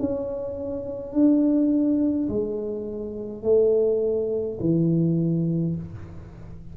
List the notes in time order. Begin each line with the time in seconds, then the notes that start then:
0.00 C#4
1.13 D4
2.29 G#3
3.43 A3
4.60 E3